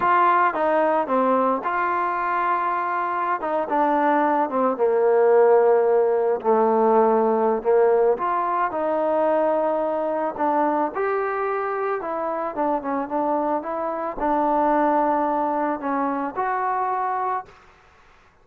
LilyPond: \new Staff \with { instrumentName = "trombone" } { \time 4/4 \tempo 4 = 110 f'4 dis'4 c'4 f'4~ | f'2~ f'16 dis'8 d'4~ d'16~ | d'16 c'8 ais2. a16~ | a2 ais4 f'4 |
dis'2. d'4 | g'2 e'4 d'8 cis'8 | d'4 e'4 d'2~ | d'4 cis'4 fis'2 | }